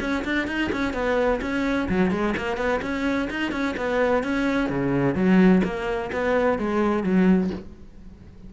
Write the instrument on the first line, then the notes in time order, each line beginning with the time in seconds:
cello
0.00 C#4
0.25 D4
0.47 D#4
0.72 C#4
0.93 B3
1.41 C#4
1.89 F#3
2.11 G#3
2.37 A#3
2.57 B3
2.81 C#4
3.30 D#4
3.51 C#4
3.77 B3
4.23 C#4
4.69 C#3
5.15 F#3
5.63 A#3
6.12 B3
6.58 G#3
7.03 F#3